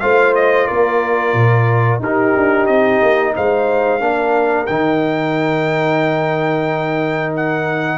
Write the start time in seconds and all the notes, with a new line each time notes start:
0.00 A3 F4 C5 F5
0.35 D#5
0.67 A#3 A#4 D5
1.33 A#2
1.99 D#4 G4 A#4
2.36 D4
2.66 C4 D#5
3.02 A#3
3.36 G#3 C5 F5
3.99 A#3 D4 A#4
4.66 D#3 D#4 G5
7.36 F#5